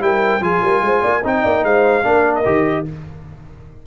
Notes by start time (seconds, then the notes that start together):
0.00 G3 E4 A#4 G5
0.40 F3 F4 G#4 G#5
0.62 G3 A#4
0.82 G#3 C5
1.01 A#3 D5
1.24 C4 D#4 D#5 G5
1.43 A#3 D5
1.64 G#3 C5 F5
2.03 A#3 D4 A#4
2.35 D#5
2.45 D#3 G4